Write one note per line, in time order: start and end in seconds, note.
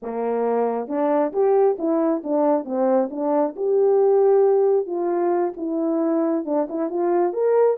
0.02 0.88 A#3
0.88 1.32 D4
1.33 1.77 G4
1.78 2.22 E4
2.23 2.64 D4
2.64 3.09 C4
3.10 3.55 D4
3.56 4.86 G4
4.86 5.53 F4
5.56 6.45 E4
6.45 6.67 D4
6.69 6.89 E4
6.89 7.33 F4
7.33 7.77 A#4